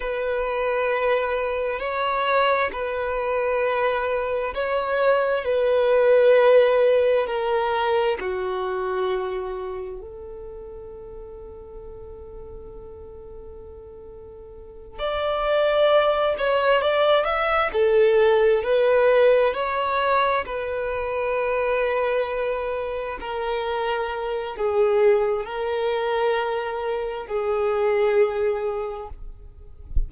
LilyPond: \new Staff \with { instrumentName = "violin" } { \time 4/4 \tempo 4 = 66 b'2 cis''4 b'4~ | b'4 cis''4 b'2 | ais'4 fis'2 a'4~ | a'1~ |
a'8 d''4. cis''8 d''8 e''8 a'8~ | a'8 b'4 cis''4 b'4.~ | b'4. ais'4. gis'4 | ais'2 gis'2 | }